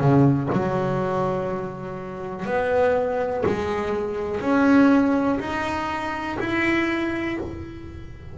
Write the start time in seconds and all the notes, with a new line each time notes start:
0.00 C#3
0.52 F#3
2.45 B3
3.46 G#3
4.41 C#4
5.40 D#4
6.40 E4